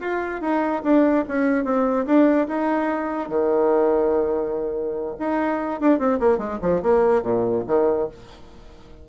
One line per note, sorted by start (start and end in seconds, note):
0.00 0.41 F4
0.41 0.83 D#4
0.84 1.25 D4
1.28 1.64 C#4
1.64 2.06 C4
2.06 2.47 D4
2.48 3.29 D#4
3.29 5.15 D#3
5.19 5.80 D#4
5.80 5.99 D4
5.99 6.20 C4
6.20 6.38 A#3
6.38 6.59 G#3
6.62 6.82 F3
6.83 7.22 A#3
7.22 7.64 A#2
7.67 8.09 D#3